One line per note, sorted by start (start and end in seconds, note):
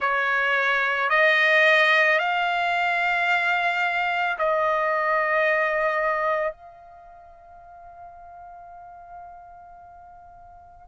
0.00 1.09 C#5
1.09 2.18 D#5
2.18 4.36 F5
4.38 6.52 D#5
6.52 10.88 F5